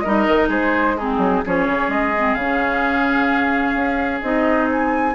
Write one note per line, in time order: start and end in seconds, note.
0.00 0.27 G3
0.00 0.98 D#4
0.00 0.48 A#4
0.00 0.47 D#5
0.27 0.48 D#3
0.48 1.17 G#3
0.48 0.95 G#4
0.48 0.97 C5
0.97 1.45 C4
0.97 1.44 D#4
0.97 1.43 G#4
1.17 1.41 F#3
1.45 1.67 F3
1.45 2.14 C#4
1.45 5.15 G#4
1.45 1.90 C#5
1.67 1.88 C#3
1.88 2.34 G#3
1.88 2.34 D#5
2.16 2.39 C4
2.34 3.74 C#3
2.34 4.22 C#4
2.34 4.20 F5
3.74 4.20 C#4
4.21 5.15 C4
4.21 5.15 D#4
4.21 4.68 D#5
4.71 5.15 G#5